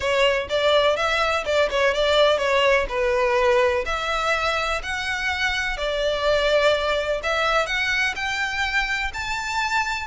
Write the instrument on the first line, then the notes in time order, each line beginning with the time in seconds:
violin
0.00 C#5
0.49 D5
0.96 E5
1.45 D5
1.70 C#5
1.94 D5
2.38 C#5
2.88 B4
3.85 E5
4.82 F#5
5.77 D5
7.23 E5
7.66 F#5
8.15 G5
9.13 A5